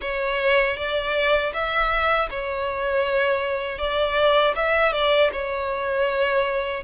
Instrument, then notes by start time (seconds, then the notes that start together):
violin
0.01 C#5
0.76 D5
1.53 E5
2.30 C#5
3.78 D5
4.55 E5
4.92 D5
5.32 C#5